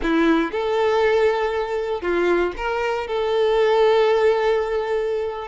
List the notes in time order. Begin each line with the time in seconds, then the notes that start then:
0.02 E4
0.51 A4
2.01 F4
2.56 A#4
3.07 A4